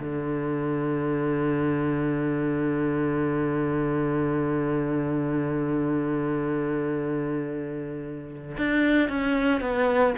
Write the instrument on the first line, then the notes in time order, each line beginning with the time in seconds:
cello
0.00 D3
8.58 D4
9.09 C#4
9.61 B3